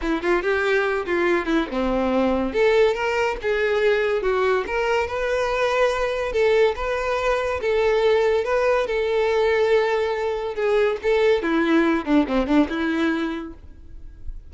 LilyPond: \new Staff \with { instrumentName = "violin" } { \time 4/4 \tempo 4 = 142 e'8 f'8 g'4. f'4 e'8 | c'2 a'4 ais'4 | gis'2 fis'4 ais'4 | b'2. a'4 |
b'2 a'2 | b'4 a'2.~ | a'4 gis'4 a'4 e'4~ | e'8 d'8 c'8 d'8 e'2 | }